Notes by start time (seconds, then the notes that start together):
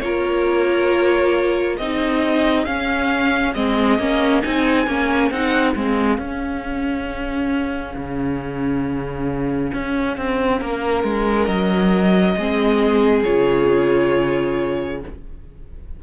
0.00 A#3 F4 A#4 C#5
1.76 C4 D#4 G#4 D#5
2.65 C#4 F5
3.54 G#3 C4 D#5
3.99 A#3 C#4
4.42 C4 D#4 G#5
4.87 A#3 C#4
5.31 C4 D#4 F#5
5.75 G#3 C4 F5
6.18 C#4
7.95 C#3
9.73 C#4
10.17 C4
10.60 A#3 A#4
11.04 G#3
11.44 F#3 D#5
12.36 G#3 C4 G#4
13.24 C#3 F4 C#5